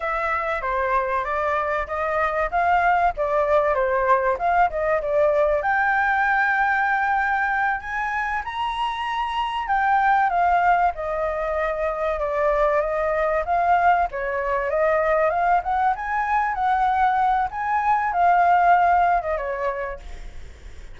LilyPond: \new Staff \with { instrumentName = "flute" } { \time 4/4 \tempo 4 = 96 e''4 c''4 d''4 dis''4 | f''4 d''4 c''4 f''8 dis''8 | d''4 g''2.~ | g''8 gis''4 ais''2 g''8~ |
g''8 f''4 dis''2 d''8~ | d''8 dis''4 f''4 cis''4 dis''8~ | dis''8 f''8 fis''8 gis''4 fis''4. | gis''4 f''4.~ f''16 dis''16 cis''4 | }